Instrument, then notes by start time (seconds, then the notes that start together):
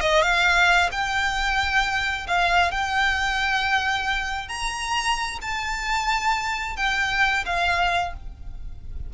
violin
0.00 D#5
0.22 F5
0.91 G5
2.27 F5
2.71 G5
4.48 A#5
5.41 A5
6.76 G5
7.45 F5